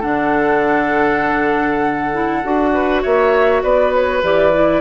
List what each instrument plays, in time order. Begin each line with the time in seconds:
0.00 bassoon D3, clarinet D4, oboe A4, flute F#5
2.13 clarinet E4
2.44 bassoon D4, clarinet F#4
2.74 oboe B4
3.02 bassoon A#3, oboe C#5, flute E5
3.63 bassoon B3, oboe B4, flute D5
3.93 flute C#5
4.23 bassoon E3, clarinet G4, flute D5
4.54 clarinet E4